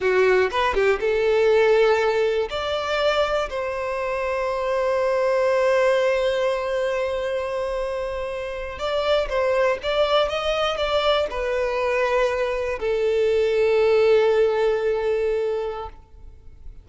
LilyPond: \new Staff \with { instrumentName = "violin" } { \time 4/4 \tempo 4 = 121 fis'4 b'8 g'8 a'2~ | a'4 d''2 c''4~ | c''1~ | c''1~ |
c''4.~ c''16 d''4 c''4 d''16~ | d''8. dis''4 d''4 b'4~ b'16~ | b'4.~ b'16 a'2~ a'16~ | a'1 | }